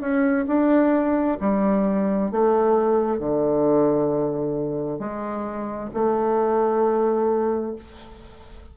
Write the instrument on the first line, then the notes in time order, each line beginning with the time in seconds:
bassoon
0.00 C#4
0.47 D4
1.40 G3
2.31 A3
3.18 D3
4.99 G#3
5.93 A3